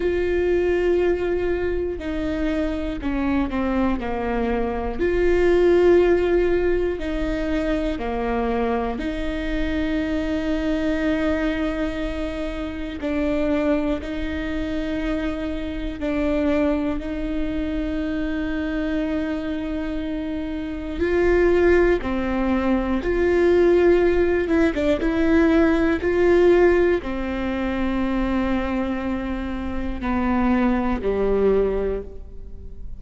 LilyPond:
\new Staff \with { instrumentName = "viola" } { \time 4/4 \tempo 4 = 60 f'2 dis'4 cis'8 c'8 | ais4 f'2 dis'4 | ais4 dis'2.~ | dis'4 d'4 dis'2 |
d'4 dis'2.~ | dis'4 f'4 c'4 f'4~ | f'8 e'16 d'16 e'4 f'4 c'4~ | c'2 b4 g4 | }